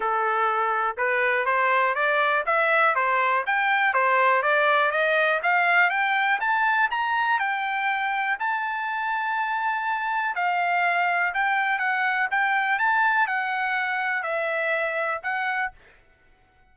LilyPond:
\new Staff \with { instrumentName = "trumpet" } { \time 4/4 \tempo 4 = 122 a'2 b'4 c''4 | d''4 e''4 c''4 g''4 | c''4 d''4 dis''4 f''4 | g''4 a''4 ais''4 g''4~ |
g''4 a''2.~ | a''4 f''2 g''4 | fis''4 g''4 a''4 fis''4~ | fis''4 e''2 fis''4 | }